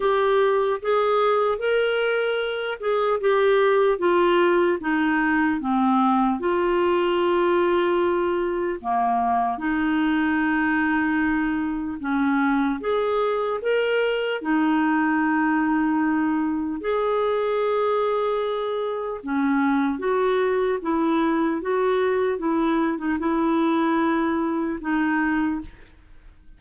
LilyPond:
\new Staff \with { instrumentName = "clarinet" } { \time 4/4 \tempo 4 = 75 g'4 gis'4 ais'4. gis'8 | g'4 f'4 dis'4 c'4 | f'2. ais4 | dis'2. cis'4 |
gis'4 ais'4 dis'2~ | dis'4 gis'2. | cis'4 fis'4 e'4 fis'4 | e'8. dis'16 e'2 dis'4 | }